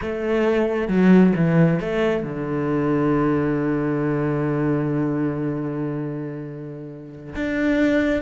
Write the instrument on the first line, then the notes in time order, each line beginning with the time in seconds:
cello
0.01 A3
0.88 F#3
1.36 E3
1.80 A3
2.23 D3
7.35 D4